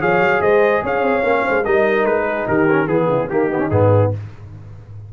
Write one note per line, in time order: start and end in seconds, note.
0.00 0.20 F3
0.00 1.23 G#4
0.00 0.41 C#5
0.00 0.41 F5
0.20 0.41 F#3
0.41 0.82 G#3
0.41 0.82 C5
0.41 0.83 D#5
0.82 1.02 C#4
0.82 1.43 C#5
0.82 1.65 F5
1.02 1.22 C4
1.23 1.43 A#3
1.23 1.64 C#4
1.43 1.66 G#3
1.43 1.63 C5
1.63 2.05 G3
1.63 2.68 D#4
1.63 2.24 A#4
1.63 2.06 D#5
2.05 2.46 G#3
2.05 2.47 B4
2.27 2.47 G#4
2.47 2.87 D#3
2.47 2.87 G4
2.47 2.88 A#4
2.70 2.87 C#4
2.87 3.08 E3
2.87 3.28 B3
2.87 3.08 G#4
2.87 3.29 G#4
3.08 3.28 C#3
3.08 3.29 E4
3.28 3.69 D#3
3.28 3.50 A#3
3.28 4.12 D#4
3.28 3.70 G4
3.50 3.59 B3
3.59 3.69 C#4
3.70 4.11 G#2
3.70 4.13 B3
3.70 4.11 G#4